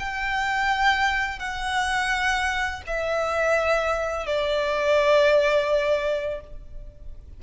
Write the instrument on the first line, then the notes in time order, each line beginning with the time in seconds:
violin
0.00 G5
1.40 F#5
2.87 E5
4.27 D5